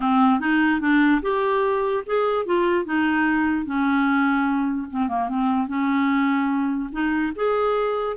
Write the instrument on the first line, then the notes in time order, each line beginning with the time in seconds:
clarinet
0.00 C4
0.40 D#4
0.80 D4
1.22 G4
2.06 G#4
2.45 F4
2.85 D#4
3.65 C#4
4.90 C4
5.08 A#3
5.28 C4
5.67 C#4
6.91 D#4
7.35 G#4